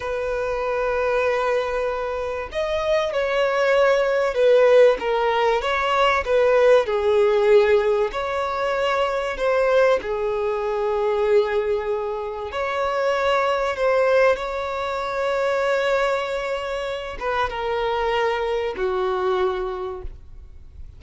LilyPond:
\new Staff \with { instrumentName = "violin" } { \time 4/4 \tempo 4 = 96 b'1 | dis''4 cis''2 b'4 | ais'4 cis''4 b'4 gis'4~ | gis'4 cis''2 c''4 |
gis'1 | cis''2 c''4 cis''4~ | cis''2.~ cis''8 b'8 | ais'2 fis'2 | }